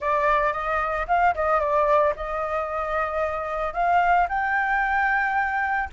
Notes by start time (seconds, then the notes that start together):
0.00 D5
0.52 D#5
1.07 F5
1.34 D#5
1.59 D5
2.16 D#5
3.73 F5
4.29 G5